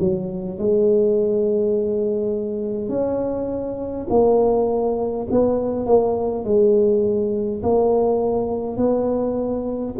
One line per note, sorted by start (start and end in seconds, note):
0.00 0.58 F#3
0.58 2.89 G#3
2.89 4.07 C#4
4.10 5.27 A#3
5.31 5.86 B3
5.86 6.44 A#3
6.44 7.62 G#3
7.63 8.77 A#3
8.77 9.95 B3